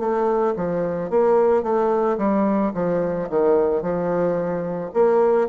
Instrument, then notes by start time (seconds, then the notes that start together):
bassoon
0.00 A3
0.57 F3
1.11 A#3
1.63 A3
2.18 G3
2.74 F3
3.30 D#3
3.82 F3
4.94 A#3